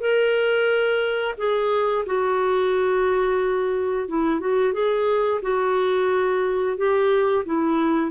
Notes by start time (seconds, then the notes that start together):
0.00 A#4
1.37 G#4
2.06 F#4
4.08 E4
4.40 F#4
4.73 G#4
5.42 F#4
6.77 G4
7.45 E4